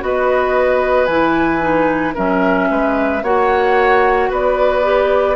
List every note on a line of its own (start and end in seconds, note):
0.00 1.07 B3
0.00 1.07 F#4
0.00 2.15 B4
0.00 1.06 D#5
1.06 2.15 E3
1.06 1.60 E4
1.06 2.13 G#5
1.60 2.14 D#4
2.15 2.71 F#3
2.15 3.22 C#4
2.15 2.68 A#4
2.15 3.24 E5
2.71 3.23 G#3
2.71 3.23 B4
3.23 4.30 A#3
3.23 4.83 F#4
3.23 4.30 C#5
3.23 4.31 F#5
4.30 5.36 B3
4.30 5.36 B4
4.30 5.36 D5
4.83 5.36 G4